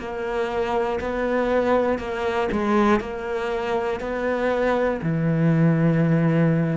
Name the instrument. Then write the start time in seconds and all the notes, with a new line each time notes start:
cello
0.00 A#3
1.01 B3
1.99 A#3
2.52 G#3
3.01 A#3
4.01 B3
5.03 E3